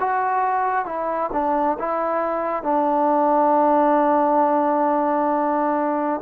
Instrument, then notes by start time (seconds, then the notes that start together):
trombone
0.00 F#4
0.86 E4
1.33 D4
1.79 E4
2.63 D4